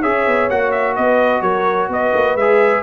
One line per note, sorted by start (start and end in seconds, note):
0.00 0.26 C#4
0.00 0.50 G#4
0.00 0.94 C#5
0.00 0.49 E5
0.26 0.50 B3
0.50 0.97 A#3
0.50 2.39 F#4
0.50 0.71 F#5
0.71 0.95 E5
0.95 1.41 B3
0.95 1.42 B4
0.95 1.41 D#5
1.41 1.88 F#3
1.41 1.89 A#4
1.41 1.89 C#5
1.88 2.12 B3
1.88 2.82 B4
1.88 2.36 D#5
2.14 2.35 A#3
2.35 2.82 G#3
2.35 2.82 G#4
2.35 2.82 E5